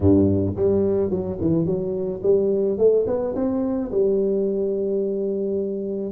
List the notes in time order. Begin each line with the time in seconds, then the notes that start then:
0.00 G2
0.56 G3
1.10 F#3
1.40 E3
1.65 F#3
2.22 G3
2.78 A3
3.07 B3
3.35 C4
3.91 G3